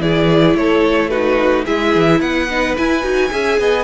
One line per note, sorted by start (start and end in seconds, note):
0.00 0.55 E3
0.00 1.11 E4
0.00 0.58 G#4
0.00 0.57 D5
0.55 1.65 A3
0.55 1.11 A4
0.55 1.10 C#5
1.10 1.66 D#4
1.10 1.65 F#4
1.10 1.65 B4
1.65 1.96 G#3
1.65 2.49 E4
1.65 2.21 G#4
1.65 2.21 E5
1.96 2.21 E3
2.21 2.76 B3
2.21 3.32 B4
2.21 2.76 F#5
2.50 2.77 D#4
2.77 3.03 E4
2.77 3.04 E4
2.77 3.85 G#5
3.03 3.31 D#4
3.03 3.31 F#4
3.31 3.60 C#4
3.31 3.85 G#4
3.31 3.60 E5
3.60 3.85 B3
3.60 3.85 D#5